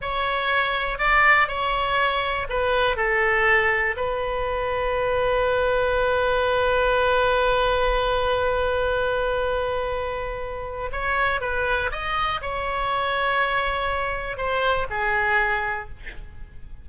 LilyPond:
\new Staff \with { instrumentName = "oboe" } { \time 4/4 \tempo 4 = 121 cis''2 d''4 cis''4~ | cis''4 b'4 a'2 | b'1~ | b'1~ |
b'1~ | b'2 cis''4 b'4 | dis''4 cis''2.~ | cis''4 c''4 gis'2 | }